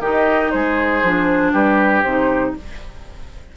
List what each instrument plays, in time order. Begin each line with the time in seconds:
0.00 bassoon D#3, clarinet D#4, oboe G4, flute D#5
0.51 bassoon G#3, oboe G#4, flute C5
1.03 bassoon F3, clarinet D4
1.53 bassoon G3, oboe G4, flute B4
2.03 bassoon C3, clarinet D#4, flute C5